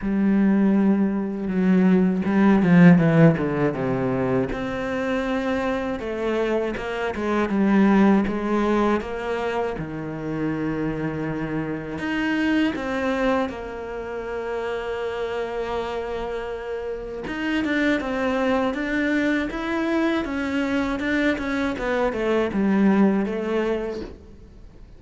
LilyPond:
\new Staff \with { instrumentName = "cello" } { \time 4/4 \tempo 4 = 80 g2 fis4 g8 f8 | e8 d8 c4 c'2 | a4 ais8 gis8 g4 gis4 | ais4 dis2. |
dis'4 c'4 ais2~ | ais2. dis'8 d'8 | c'4 d'4 e'4 cis'4 | d'8 cis'8 b8 a8 g4 a4 | }